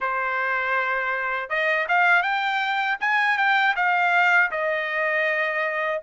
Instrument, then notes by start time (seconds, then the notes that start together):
trumpet
0.00 C5
1.49 D#5
1.88 F5
2.22 G5
3.00 G#5
3.37 G5
3.75 F5
4.51 D#5